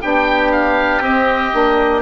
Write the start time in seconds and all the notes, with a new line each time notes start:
0.00 B3 D4 G4 G5
0.51 F5
1.00 C4 D#5
1.51 A#3 D4